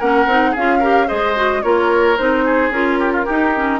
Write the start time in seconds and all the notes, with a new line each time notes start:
0.00 A#3 C#4 A#4 F#5
0.27 C4 D#4
0.51 C#4 F4 G#4 F5
0.80 G4 A#4
1.07 G#3 G#4 C5 D#5
1.36 F#4
1.62 A#3 F4 A#4 C#5
2.17 C4 D#4 C5
2.45 G#4
2.70 C#4 F4 A#4
2.99 G4
3.13 F4
3.25 D#4 G4
3.55 C#4